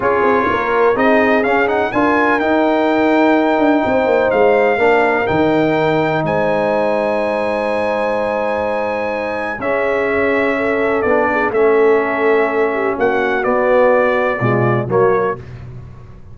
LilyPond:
<<
  \new Staff \with { instrumentName = "trumpet" } { \time 4/4 \tempo 4 = 125 cis''2 dis''4 f''8 fis''8 | gis''4 g''2.~ | g''4 f''2 g''4~ | g''4 gis''2.~ |
gis''1 | e''2. d''4 | e''2. fis''4 | d''2. cis''4 | }
  \new Staff \with { instrumentName = "horn" } { \time 4/4 gis'4 ais'4 gis'2 | ais'1 | c''2 ais'2~ | ais'4 c''2.~ |
c''1 | gis'2 a'4. gis'8 | a'2~ a'8 g'8 fis'4~ | fis'2 f'4 fis'4 | }
  \new Staff \with { instrumentName = "trombone" } { \time 4/4 f'2 dis'4 cis'8 dis'8 | f'4 dis'2.~ | dis'2 d'4 dis'4~ | dis'1~ |
dis'1 | cis'2. d'4 | cis'1 | b2 gis4 ais4 | }
  \new Staff \with { instrumentName = "tuba" } { \time 4/4 cis'8 c'8 ais4 c'4 cis'4 | d'4 dis'2~ dis'8 d'8 | c'8 ais8 gis4 ais4 dis4~ | dis4 gis2.~ |
gis1 | cis'2. b4 | a2. ais4 | b2 b,4 fis4 | }
>>